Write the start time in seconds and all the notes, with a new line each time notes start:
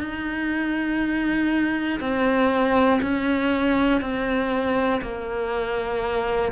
0.00 D#4
2.00 C4
3.02 C#4
4.01 C4
5.02 A#3